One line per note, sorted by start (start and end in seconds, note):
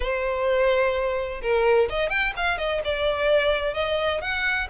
0.00 1.41 C5
1.41 1.88 A#4
1.89 2.09 D#5
2.09 2.33 G5
2.36 2.58 F5
2.58 2.81 D#5
2.84 3.74 D5
3.74 4.21 D#5
4.21 4.68 F#5